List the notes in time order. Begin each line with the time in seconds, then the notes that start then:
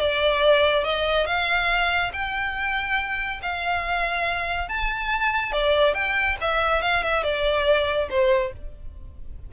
0.00 D5
0.84 D#5
1.26 F5
2.13 G5
3.42 F5
4.69 A5
5.52 D5
5.94 G5
6.41 E5
6.82 F5
7.03 E5
7.23 D5
8.10 C5